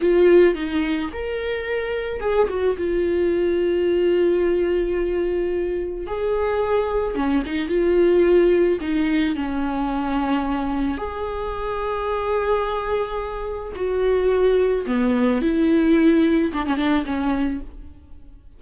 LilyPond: \new Staff \with { instrumentName = "viola" } { \time 4/4 \tempo 4 = 109 f'4 dis'4 ais'2 | gis'8 fis'8 f'2.~ | f'2. gis'4~ | gis'4 cis'8 dis'8 f'2 |
dis'4 cis'2. | gis'1~ | gis'4 fis'2 b4 | e'2 d'16 cis'16 d'8 cis'4 | }